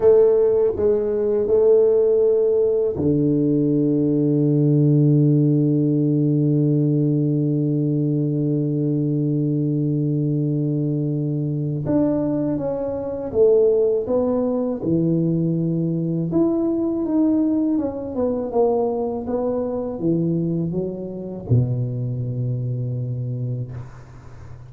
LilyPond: \new Staff \with { instrumentName = "tuba" } { \time 4/4 \tempo 4 = 81 a4 gis4 a2 | d1~ | d1~ | d1 |
d'4 cis'4 a4 b4 | e2 e'4 dis'4 | cis'8 b8 ais4 b4 e4 | fis4 b,2. | }